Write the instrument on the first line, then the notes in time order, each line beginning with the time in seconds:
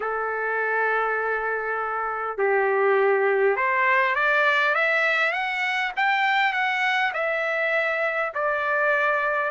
trumpet
0.00 A4
2.37 G4
3.56 C5
4.15 D5
4.74 E5
5.32 F#5
5.96 G5
6.52 F#5
7.13 E5
8.34 D5